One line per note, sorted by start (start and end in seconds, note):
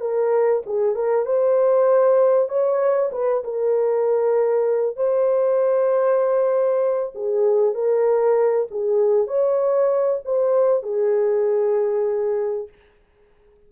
0.00 0.62 A#4
0.66 0.95 G#4
0.95 1.25 A#4
1.25 2.48 C5
2.48 3.10 C#5
3.12 3.43 B4
3.44 4.96 A#4
4.96 7.13 C5
7.14 7.74 G#4
7.74 8.67 A#4
8.70 9.27 G#4
9.27 10.20 C#5
10.24 10.82 C5
10.82 12.68 G#4